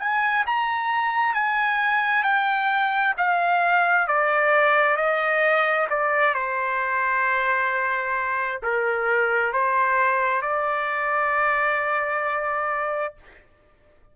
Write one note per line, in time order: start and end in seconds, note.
0.00 0.45 G#5
0.47 1.35 A#5
1.35 2.24 G#5
2.24 3.15 G5
3.18 4.08 F5
4.08 4.97 D5
4.97 5.88 D#5
5.90 6.35 D5
6.35 8.62 C5
8.63 9.53 A#4
9.53 10.42 C5
10.42 13.15 D5